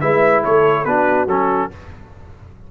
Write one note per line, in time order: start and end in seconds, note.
0.00 0.44 G#3
0.00 0.86 E4
0.00 0.42 B4
0.00 0.42 E5
0.42 0.85 A3
0.42 0.85 A4
0.42 0.85 C#5
0.85 1.26 B3
0.85 1.28 D4
0.85 1.70 F#4
0.85 1.27 B4
1.26 1.69 F#3
1.26 1.70 C#4
1.26 1.71 A4